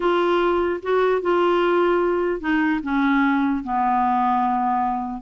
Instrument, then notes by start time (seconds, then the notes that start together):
clarinet
0.00 F4
0.82 F#4
1.21 F4
2.40 D#4
2.83 C#4
3.63 B3